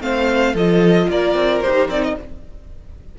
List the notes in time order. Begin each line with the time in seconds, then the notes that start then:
0.00 A3 C4 C5 F5
0.54 F3 F4 A4 D#5
1.08 A#3 A#4 D5
1.34 C4
1.61 D#4 G4 C5
1.88 C4 D#4 D5
2.03 D#5